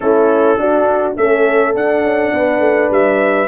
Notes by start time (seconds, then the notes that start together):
0.00 A3 C#4 E4 A4
0.57 D4 F#4
1.16 A3 C#4 A4 E5
1.74 D4 F#5
2.03 C#4
2.33 B3 B4
2.59 A3
2.90 G3 E5